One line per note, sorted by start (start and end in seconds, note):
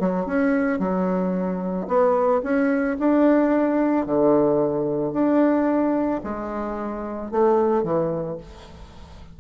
0.00 0.26 F#3
0.26 0.79 C#4
0.79 1.87 F#3
1.88 2.42 B3
2.43 2.98 C#4
3.00 4.06 D4
4.06 5.13 D3
5.13 6.21 D4
6.24 7.32 G#3
7.32 7.84 A3
7.84 8.38 E3